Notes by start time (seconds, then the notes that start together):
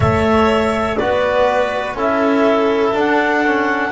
0.00 A3 A4 C#5 E5
0.96 B3 F#4 B4 D5
1.93 C#4 E4 A4
2.00 E5
2.92 D4 F#5
3.44 C#4